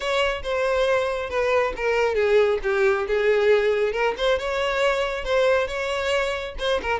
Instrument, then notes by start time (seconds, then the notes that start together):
violin
0.00 C#5
0.42 C5
1.29 B4
1.76 A#4
2.15 G#4
2.63 G4
3.07 G#4
3.92 A#4
4.17 C5
4.38 C#5
5.24 C5
5.67 C#5
6.59 C5
6.82 A#4